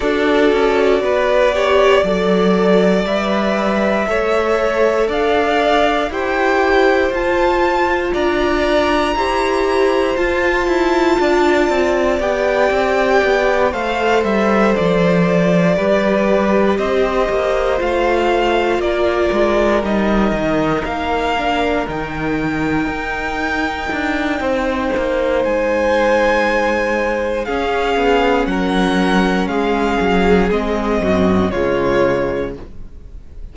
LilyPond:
<<
  \new Staff \with { instrumentName = "violin" } { \time 4/4 \tempo 4 = 59 d''2. e''4~ | e''4 f''4 g''4 a''4 | ais''2 a''2 | g''4. f''8 e''8 d''4.~ |
d''8 dis''4 f''4 d''4 dis''8~ | dis''8 f''4 g''2~ g''8~ | g''4 gis''2 f''4 | fis''4 f''4 dis''4 cis''4 | }
  \new Staff \with { instrumentName = "violin" } { \time 4/4 a'4 b'8 cis''8 d''2 | cis''4 d''4 c''2 | d''4 c''2 d''4~ | d''4. c''2 b'8~ |
b'8 c''2 ais'4.~ | ais'1 | c''2. gis'4 | ais'4 gis'4. fis'8 f'4 | }
  \new Staff \with { instrumentName = "viola" } { \time 4/4 fis'4. g'8 a'4 b'4 | a'2 g'4 f'4~ | f'4 g'4 f'2 | g'4. a'2 g'8~ |
g'4. f'2 dis'8~ | dis'4 d'8 dis'2~ dis'8~ | dis'2. cis'4~ | cis'2 c'4 gis4 | }
  \new Staff \with { instrumentName = "cello" } { \time 4/4 d'8 cis'8 b4 fis4 g4 | a4 d'4 e'4 f'4 | d'4 e'4 f'8 e'8 d'8 c'8 | b8 c'8 b8 a8 g8 f4 g8~ |
g8 c'8 ais8 a4 ais8 gis8 g8 | dis8 ais4 dis4 dis'4 d'8 | c'8 ais8 gis2 cis'8 b8 | fis4 gis8 fis8 gis8 fis,8 cis4 | }
>>